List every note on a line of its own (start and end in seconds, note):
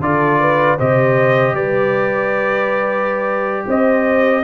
0.00 0.77 D3
0.00 0.78 F4
0.00 0.40 A4
0.00 0.79 D5
0.40 0.78 B4
0.78 1.53 C3
0.78 4.44 G4
0.78 1.54 C5
0.78 1.55 D#5
1.53 3.65 G3
1.53 3.66 B4
1.53 3.67 D5
3.67 4.44 C4
3.67 4.44 C5
3.67 4.44 D#5